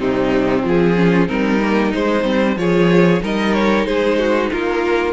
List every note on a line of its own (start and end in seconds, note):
0.00 0.65 C3
0.00 0.64 G3
0.00 0.97 C4
0.00 0.65 D#4
0.64 0.95 F3
0.64 1.29 F3
0.64 1.28 G#4
0.95 1.28 C#4
0.95 1.29 F4
1.28 1.94 G3
1.28 1.60 C4
1.28 2.58 D#4
1.28 1.93 A#4
1.62 1.93 A#3
1.93 2.24 G#3
1.93 2.58 C5
2.24 2.57 G3
2.24 2.56 C4
2.57 3.21 F3
2.57 3.20 F4
2.57 3.23 G#4
2.57 3.23 C#5
3.20 3.86 G3
3.20 5.13 D#4
3.20 3.87 A#4
3.20 3.54 D#5
3.54 3.85 C#5
3.85 4.51 G#3
3.85 4.19 G#4
3.85 4.50 C5
4.19 4.51 F#4
4.51 5.13 A#3
4.51 5.13 F4
4.51 5.13 A#4